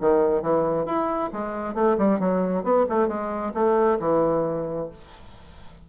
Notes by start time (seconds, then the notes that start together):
0.00 D#3
0.41 E3
0.85 E4
1.32 G#3
1.74 A3
1.98 G3
2.19 F#3
2.63 B3
2.89 A3
3.07 G#3
3.54 A3
3.99 E3